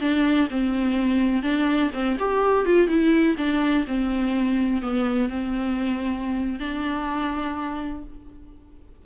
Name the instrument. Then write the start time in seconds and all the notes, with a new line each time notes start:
viola
0.00 D4
0.50 C4
1.42 D4
1.94 C4
2.19 G4
2.65 F4
2.88 E4
3.38 D4
3.87 C4
4.82 B3
5.29 C4
6.59 D4